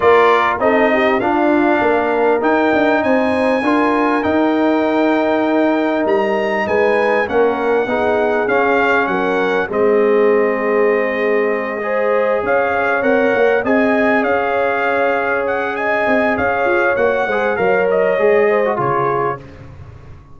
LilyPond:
<<
  \new Staff \with { instrumentName = "trumpet" } { \time 4/4 \tempo 4 = 99 d''4 dis''4 f''2 | g''4 gis''2 g''4~ | g''2 ais''4 gis''4 | fis''2 f''4 fis''4 |
dis''1~ | dis''8 f''4 fis''4 gis''4 f''8~ | f''4. fis''8 gis''4 f''4 | fis''4 f''8 dis''4. cis''4 | }
  \new Staff \with { instrumentName = "horn" } { \time 4/4 ais'4 a'8 g'8 f'4 ais'4~ | ais'4 c''4 ais'2~ | ais'2. b'4 | ais'4 gis'2 ais'4 |
gis'2.~ gis'8 c''8~ | c''8 cis''2 dis''4 cis''8~ | cis''2 dis''4 cis''4~ | cis''8 c''8 cis''4. c''8 gis'4 | }
  \new Staff \with { instrumentName = "trombone" } { \time 4/4 f'4 dis'4 d'2 | dis'2 f'4 dis'4~ | dis'1 | cis'4 dis'4 cis'2 |
c'2.~ c'8 gis'8~ | gis'4. ais'4 gis'4.~ | gis'1 | fis'8 gis'8 ais'4 gis'8. fis'16 f'4 | }
  \new Staff \with { instrumentName = "tuba" } { \time 4/4 ais4 c'4 d'4 ais4 | dis'8 d'8 c'4 d'4 dis'4~ | dis'2 g4 gis4 | ais4 b4 cis'4 fis4 |
gis1~ | gis8 cis'4 c'8 ais8 c'4 cis'8~ | cis'2~ cis'8 c'8 cis'8 f'8 | ais8 gis8 fis4 gis4 cis4 | }
>>